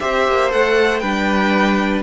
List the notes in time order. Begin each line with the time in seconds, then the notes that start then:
0.00 C4 G4 C5 E5
0.28 A#3
0.50 A3 A4 F#5
0.99 G3 D4 B4 G5